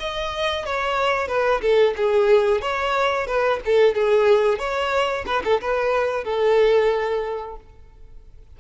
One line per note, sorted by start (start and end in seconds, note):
0.00 0.66 D#5
0.66 1.28 C#5
1.28 1.61 B4
1.62 1.95 A4
1.97 2.62 G#4
2.62 3.27 C#5
3.27 3.60 B4
3.66 3.95 A4
3.95 4.59 G#4
4.59 5.25 C#5
5.27 5.43 B4
5.45 5.61 A4
5.61 6.25 B4
6.25 7.56 A4